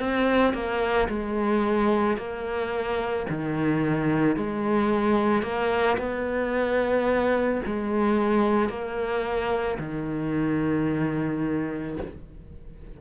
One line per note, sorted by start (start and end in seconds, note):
0.00 0.54 C4
0.54 1.09 A#3
1.09 2.18 G#3
2.18 3.27 A#3
3.30 4.36 D#3
4.36 5.42 G#3
5.42 5.97 A#3
5.98 7.61 B3
7.66 8.69 G#3
8.69 9.78 A#3
9.79 11.97 D#3